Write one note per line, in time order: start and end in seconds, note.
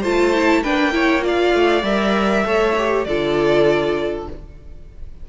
0.00 0.64 A3
0.00 0.34 F4
0.00 0.61 C5
0.00 0.63 A5
0.34 0.64 E4
0.62 1.54 A#3
0.62 0.91 D4
0.62 0.93 B4
0.62 1.24 G5
0.91 1.21 E4
0.91 1.24 C#5
1.21 1.81 F4
1.21 2.45 D5
1.27 1.84 F5
1.54 1.83 A3
1.83 2.43 G3
1.83 2.45 A#4
1.83 3.04 E5
2.45 3.06 A3
2.45 2.76 A4
2.45 3.06 C#5
2.77 3.08 G4
3.04 4.27 D3
3.04 4.29 F4
3.04 4.29 A4
3.04 4.25 D5